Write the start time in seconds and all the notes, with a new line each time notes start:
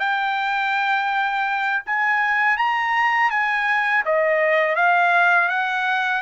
0.00 G5
1.86 G#5
2.57 A#5
3.31 G#5
4.05 D#5
4.76 F5
5.49 F#5